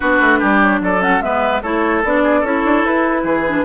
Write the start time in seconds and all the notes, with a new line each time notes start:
0.00 B3 D4 F#4 B4
0.20 A3
0.39 G3 G4
0.61 C#5
0.80 F#3 A4 D5
1.00 C#4 F#5
1.20 G#3 B3 B4 E5
1.62 A3 E4 A4 C#5
2.04 B3 D4 D5
2.23 G#4
2.40 C#4 E4 A4 C#5
2.64 D4
2.83 E4 B4
3.23 E3 G#4
3.46 D4